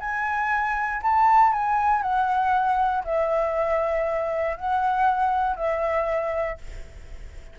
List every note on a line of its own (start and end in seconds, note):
0.00 1.02 G#5
1.02 1.53 A5
1.53 2.02 G#5
2.02 3.04 F#5
3.04 4.57 E5
4.57 5.56 F#5
5.56 6.58 E5